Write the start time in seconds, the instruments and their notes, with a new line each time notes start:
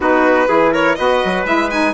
0.00 bassoon B3, saxophone D#4, trumpet F#4, violin B4
0.47 bassoon E3, saxophone E4, trumpet G#4
0.71 trumpet A#4, violin C#5
0.95 bassoon B3, saxophone F#4, trumpet B4, violin D#5
1.24 bassoon F#3
1.45 bassoon G#3, saxophone E4, violin E5
1.70 saxophone D#4, violin G#5